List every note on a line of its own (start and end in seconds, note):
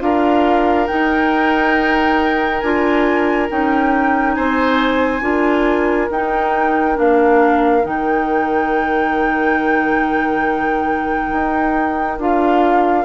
0.00 0.87 D4
0.00 0.87 F4
0.00 4.36 A#4
0.00 0.87 F5
0.87 2.62 D#4
0.87 2.60 G5
2.60 3.49 D4
2.60 3.49 F4
2.60 3.47 G#5
3.49 4.37 C#4
3.49 5.21 D#4
3.49 4.34 G5
4.34 5.21 C4
4.34 5.23 C5
4.34 6.08 G#5
5.21 6.08 D4
5.21 6.08 F4
5.21 13.05 A#4
6.10 6.97 D#4
6.10 6.95 D#4
6.10 6.98 G5
6.95 7.85 A#3
6.95 7.82 D4
6.95 7.85 F5
7.83 11.32 D#3
7.83 12.17 D#4
7.83 12.20 G5
11.32 12.18 D#4
12.18 13.05 D4
12.18 13.05 F4
12.18 13.05 F5